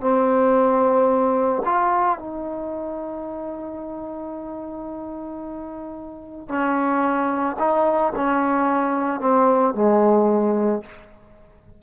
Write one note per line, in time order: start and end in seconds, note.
0.00 1.62 C4
1.65 2.18 F4
2.18 6.48 D#4
6.48 7.56 C#4
7.58 8.13 D#4
8.15 9.20 C#4
9.20 9.74 C4
9.74 10.82 G#3